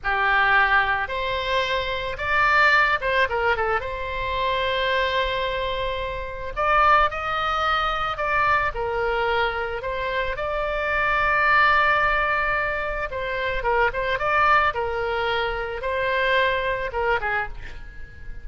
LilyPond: \new Staff \with { instrumentName = "oboe" } { \time 4/4 \tempo 4 = 110 g'2 c''2 | d''4. c''8 ais'8 a'8 c''4~ | c''1 | d''4 dis''2 d''4 |
ais'2 c''4 d''4~ | d''1 | c''4 ais'8 c''8 d''4 ais'4~ | ais'4 c''2 ais'8 gis'8 | }